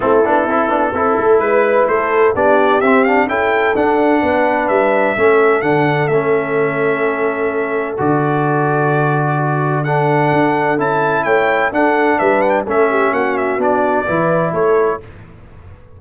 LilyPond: <<
  \new Staff \with { instrumentName = "trumpet" } { \time 4/4 \tempo 4 = 128 a'2. b'4 | c''4 d''4 e''8 f''8 g''4 | fis''2 e''2 | fis''4 e''2.~ |
e''4 d''2.~ | d''4 fis''2 a''4 | g''4 fis''4 e''8 fis''16 g''16 e''4 | fis''8 e''8 d''2 cis''4 | }
  \new Staff \with { instrumentName = "horn" } { \time 4/4 e'2 a'4 b'4 | a'4 g'2 a'4~ | a'4 b'2 a'4~ | a'1~ |
a'1 | fis'4 a'2. | cis''4 a'4 b'4 a'8 g'8 | fis'2 b'4 a'4 | }
  \new Staff \with { instrumentName = "trombone" } { \time 4/4 c'8 d'8 e'8 d'8 e'2~ | e'4 d'4 c'8 d'8 e'4 | d'2. cis'4 | d'4 cis'2.~ |
cis'4 fis'2.~ | fis'4 d'2 e'4~ | e'4 d'2 cis'4~ | cis'4 d'4 e'2 | }
  \new Staff \with { instrumentName = "tuba" } { \time 4/4 a8 b8 c'8 b8 c'8 a8 gis4 | a4 b4 c'4 cis'4 | d'4 b4 g4 a4 | d4 a2.~ |
a4 d2.~ | d2 d'4 cis'4 | a4 d'4 g4 a4 | ais4 b4 e4 a4 | }
>>